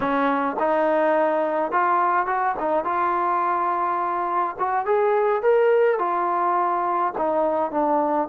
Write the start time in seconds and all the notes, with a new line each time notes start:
0.00 C#4
0.59 D#4
1.71 F4
2.26 F#4
2.59 D#4
2.84 F4
4.58 F#4
4.85 G#4
5.42 A#4
5.98 F4
7.17 D#4
7.71 D4